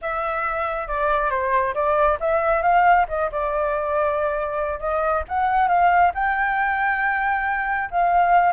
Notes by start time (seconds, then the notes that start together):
0.01 E5
0.87 D5
1.30 C5
1.74 D5
2.20 E5
2.62 F5
3.08 D#5
3.31 D5
4.79 D#5
5.28 F#5
5.68 F5
6.14 G5
7.91 F5